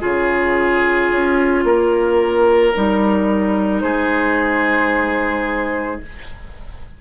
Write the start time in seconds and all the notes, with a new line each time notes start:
0.00 C#3 F4 G#4 C#5
1.11 C#4
1.64 A#3 A#4
2.75 G3 D#4
3.81 G#3 G#4 C5